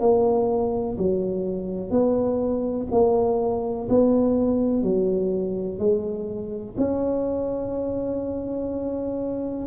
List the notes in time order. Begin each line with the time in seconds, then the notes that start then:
0.00 A#3
0.98 F#3
1.90 B3
2.91 A#3
3.90 B3
4.83 F#3
5.79 G#3
6.77 C#4